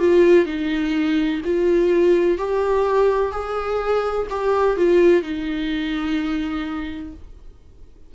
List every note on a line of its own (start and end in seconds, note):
0.00 0.46 F4
0.46 1.41 D#4
1.45 2.38 F4
2.38 3.32 G4
3.32 4.28 G#4
4.30 4.77 G4
4.77 5.23 F4
5.23 7.13 D#4